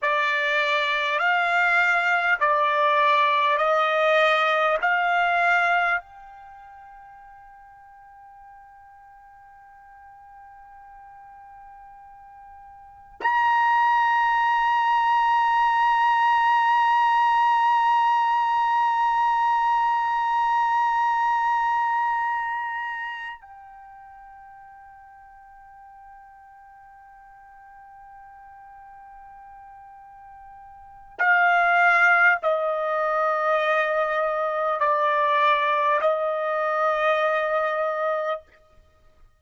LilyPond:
\new Staff \with { instrumentName = "trumpet" } { \time 4/4 \tempo 4 = 50 d''4 f''4 d''4 dis''4 | f''4 g''2.~ | g''2. ais''4~ | ais''1~ |
ais''2.~ ais''8 g''8~ | g''1~ | g''2 f''4 dis''4~ | dis''4 d''4 dis''2 | }